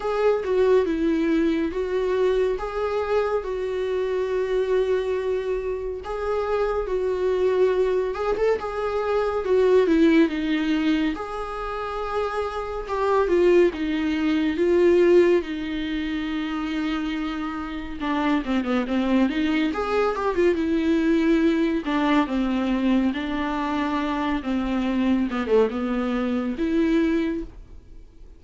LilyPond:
\new Staff \with { instrumentName = "viola" } { \time 4/4 \tempo 4 = 70 gis'8 fis'8 e'4 fis'4 gis'4 | fis'2. gis'4 | fis'4. gis'16 a'16 gis'4 fis'8 e'8 | dis'4 gis'2 g'8 f'8 |
dis'4 f'4 dis'2~ | dis'4 d'8 c'16 b16 c'8 dis'8 gis'8 g'16 f'16 | e'4. d'8 c'4 d'4~ | d'8 c'4 b16 a16 b4 e'4 | }